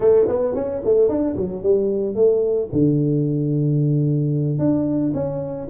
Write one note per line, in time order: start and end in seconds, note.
0.00 0.26 A3
0.28 0.54 B3
0.54 0.81 C#4
0.84 1.08 A3
1.08 1.35 D4
1.36 1.62 F#3
1.62 2.15 G3
2.15 2.69 A3
2.72 4.58 D3
4.58 5.12 D4
5.14 5.68 C#4